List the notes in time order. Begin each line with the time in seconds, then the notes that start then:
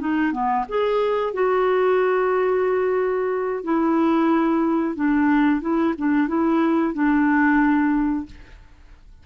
0.00 D#4
0.32 B3
0.69 G#4
1.34 F#4
3.64 E4
4.96 D4
5.61 E4
5.98 D4
6.28 E4
6.94 D4